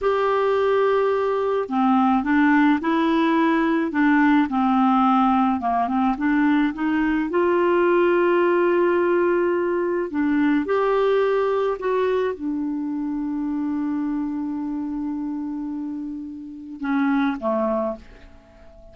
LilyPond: \new Staff \with { instrumentName = "clarinet" } { \time 4/4 \tempo 4 = 107 g'2. c'4 | d'4 e'2 d'4 | c'2 ais8 c'8 d'4 | dis'4 f'2.~ |
f'2 d'4 g'4~ | g'4 fis'4 d'2~ | d'1~ | d'2 cis'4 a4 | }